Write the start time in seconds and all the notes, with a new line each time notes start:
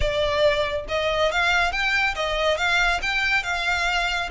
0.00 D5
0.88 D#5
1.31 F5
1.71 G5
2.15 D#5
2.57 F5
3.02 G5
3.43 F5